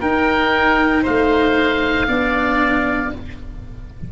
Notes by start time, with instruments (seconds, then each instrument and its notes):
0.00 cello D#4, tuba D#4, oboe A#4 G5
1.03 tuba A3, oboe C5 F5
2.08 tuba B3, cello D4, oboe D5